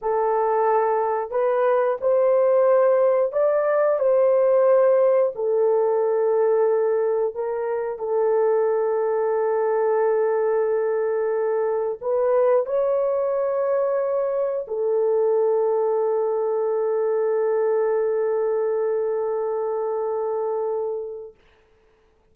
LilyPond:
\new Staff \with { instrumentName = "horn" } { \time 4/4 \tempo 4 = 90 a'2 b'4 c''4~ | c''4 d''4 c''2 | a'2. ais'4 | a'1~ |
a'2 b'4 cis''4~ | cis''2 a'2~ | a'1~ | a'1 | }